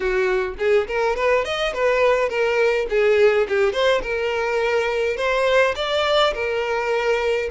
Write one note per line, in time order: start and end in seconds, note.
0.00 0.55 F#4
0.58 0.87 G#4
0.87 1.16 A#4
1.16 1.44 B4
1.44 1.73 D#5
1.73 2.29 B4
2.29 2.87 A#4
2.89 3.47 G#4
3.48 3.72 G4
3.72 4.01 C5
4.02 5.17 A#4
5.17 5.74 C5
5.75 6.33 D5
6.33 7.49 A#4